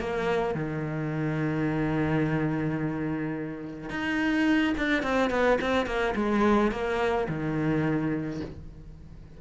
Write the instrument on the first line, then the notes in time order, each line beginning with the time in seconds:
cello
0.00 A#3
0.55 D#3
3.90 D#4
4.77 D4
5.03 C4
5.30 B3
5.61 C4
5.86 A#3
6.15 G#3
6.72 A#3
7.28 D#3